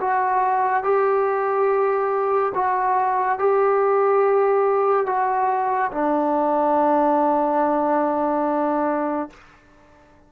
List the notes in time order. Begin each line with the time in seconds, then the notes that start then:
0.00 F#4
0.83 G4
2.54 F#4
3.38 G4
5.06 F#4
5.91 D4